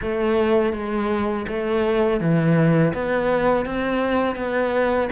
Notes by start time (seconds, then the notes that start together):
0.01 A3
0.73 G#3
1.48 A3
2.20 E3
2.93 B3
3.65 C4
4.35 B3